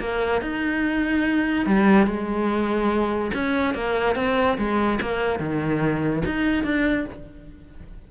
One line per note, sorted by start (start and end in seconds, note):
0.00 0.41 A#3
0.41 1.66 D#4
1.66 2.07 G3
2.07 3.32 G#3
3.34 3.74 C#4
3.74 4.16 A#3
4.16 4.57 C4
4.58 5.00 G#3
5.02 5.40 A#3
5.40 6.23 D#3
6.25 6.64 D#4
6.64 7.06 D4